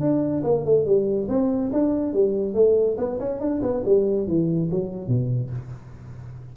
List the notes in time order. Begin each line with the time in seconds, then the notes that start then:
0.00 D4
0.44 A#3
0.65 A3
0.85 G3
1.28 C4
1.72 D4
2.13 G3
2.54 A3
2.97 B3
3.19 C#4
3.40 D4
3.62 B3
3.85 G3
4.27 E3
4.71 F#3
5.08 B2